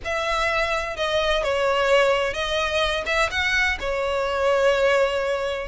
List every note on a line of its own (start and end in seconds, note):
0.04 0.96 E5
0.96 1.43 D#5
1.43 2.33 C#5
2.33 3.04 D#5
3.06 3.29 E5
3.30 3.78 F#5
3.80 5.68 C#5